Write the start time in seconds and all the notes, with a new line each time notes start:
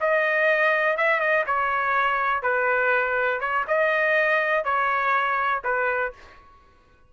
0.00 D#5
0.97 E5
1.20 D#5
1.46 C#5
2.42 B4
3.40 C#5
3.67 D#5
4.64 C#5
5.64 B4